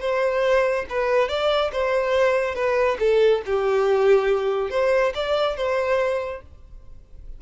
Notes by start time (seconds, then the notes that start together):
0.00 C5
0.89 B4
1.28 D5
1.72 C5
2.55 B4
2.99 A4
3.46 G4
4.70 C5
5.14 D5
5.56 C5